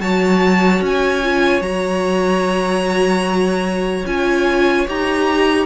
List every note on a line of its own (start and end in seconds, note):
0.00 0.81 F#3
0.00 1.22 F#4
0.00 5.66 C#5
0.00 0.82 A5
0.81 1.61 C#4
0.81 1.62 G#5
1.23 1.61 F4
1.61 4.04 F#3
1.61 4.05 F#4
1.61 4.05 A#5
4.06 4.87 C#4
4.06 4.87 F4
4.06 4.87 G#5
4.87 5.66 D#4
4.87 5.66 G4
4.87 5.66 A#5